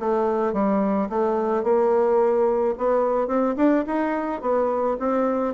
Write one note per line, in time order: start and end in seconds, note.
0.00 0.53 A3
0.53 1.09 G3
1.10 1.64 A3
1.64 2.75 A#3
2.78 3.28 B3
3.28 3.55 C4
3.57 3.85 D4
3.87 4.42 D#4
4.42 4.97 B3
5.00 5.55 C4